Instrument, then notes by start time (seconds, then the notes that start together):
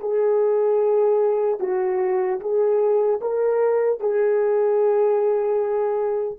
horn
0.00 G#4
1.60 F#4
2.40 G#4
3.21 A#4
4.00 G#4